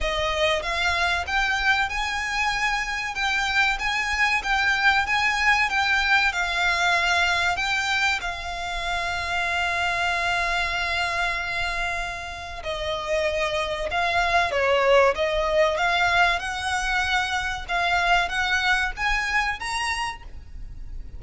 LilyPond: \new Staff \with { instrumentName = "violin" } { \time 4/4 \tempo 4 = 95 dis''4 f''4 g''4 gis''4~ | gis''4 g''4 gis''4 g''4 | gis''4 g''4 f''2 | g''4 f''2.~ |
f''1 | dis''2 f''4 cis''4 | dis''4 f''4 fis''2 | f''4 fis''4 gis''4 ais''4 | }